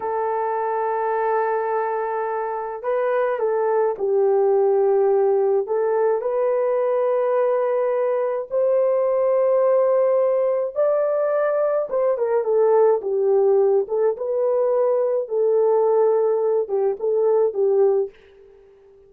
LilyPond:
\new Staff \with { instrumentName = "horn" } { \time 4/4 \tempo 4 = 106 a'1~ | a'4 b'4 a'4 g'4~ | g'2 a'4 b'4~ | b'2. c''4~ |
c''2. d''4~ | d''4 c''8 ais'8 a'4 g'4~ | g'8 a'8 b'2 a'4~ | a'4. g'8 a'4 g'4 | }